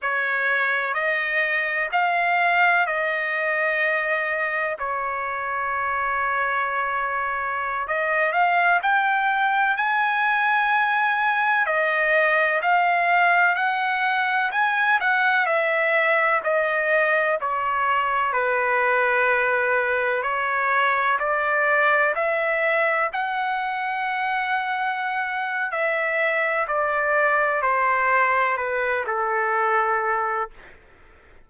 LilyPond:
\new Staff \with { instrumentName = "trumpet" } { \time 4/4 \tempo 4 = 63 cis''4 dis''4 f''4 dis''4~ | dis''4 cis''2.~ | cis''16 dis''8 f''8 g''4 gis''4.~ gis''16~ | gis''16 dis''4 f''4 fis''4 gis''8 fis''16~ |
fis''16 e''4 dis''4 cis''4 b'8.~ | b'4~ b'16 cis''4 d''4 e''8.~ | e''16 fis''2~ fis''8. e''4 | d''4 c''4 b'8 a'4. | }